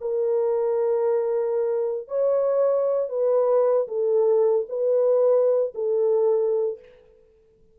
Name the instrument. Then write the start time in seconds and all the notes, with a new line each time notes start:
horn
0.00 A#4
2.07 C#5
3.09 B4
3.88 A4
4.69 B4
5.74 A4